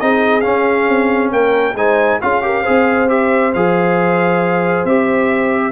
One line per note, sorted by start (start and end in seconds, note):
0.00 0.45 C4
0.00 0.42 D#4
0.00 1.32 G#4
0.00 0.41 D#5
0.41 1.74 C#4
0.41 0.88 C#4
0.41 1.29 F5
0.88 1.31 C4
1.31 1.74 A#3
1.31 1.76 A#4
1.31 1.76 G5
1.74 2.18 G#3
1.74 2.21 D#4
1.74 2.20 C5
1.74 2.20 G#5
2.21 2.66 C#4
2.21 2.42 F4
2.21 2.43 G#4
2.21 3.09 F5
2.42 2.64 G4
2.42 2.62 A#4
2.62 3.54 C4
2.62 3.08 G#4
2.62 5.71 C5
3.08 3.52 G4
3.08 3.53 E5
3.53 4.84 F3
3.53 4.87 G#4
3.53 4.85 F5
4.84 5.71 C4
4.84 5.71 G4
4.84 5.71 E5